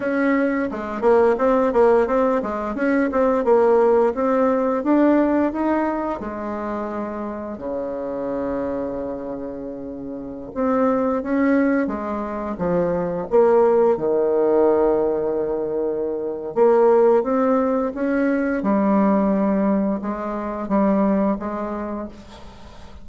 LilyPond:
\new Staff \with { instrumentName = "bassoon" } { \time 4/4 \tempo 4 = 87 cis'4 gis8 ais8 c'8 ais8 c'8 gis8 | cis'8 c'8 ais4 c'4 d'4 | dis'4 gis2 cis4~ | cis2.~ cis16 c'8.~ |
c'16 cis'4 gis4 f4 ais8.~ | ais16 dis2.~ dis8. | ais4 c'4 cis'4 g4~ | g4 gis4 g4 gis4 | }